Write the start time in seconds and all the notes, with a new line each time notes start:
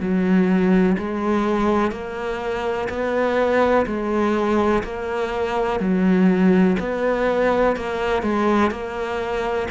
0.00 F#3
0.98 G#3
1.92 A#3
2.89 B3
3.86 G#3
4.83 A#3
5.80 F#3
6.80 B3
7.76 A#3
8.23 G#3
8.71 A#3